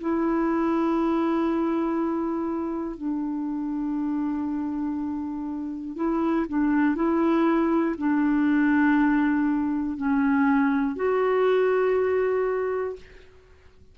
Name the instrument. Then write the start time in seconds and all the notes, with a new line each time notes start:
clarinet
0.00 E4
2.97 D4
5.95 E4
6.48 D4
6.95 E4
7.98 D4
9.97 C#4
10.96 F#4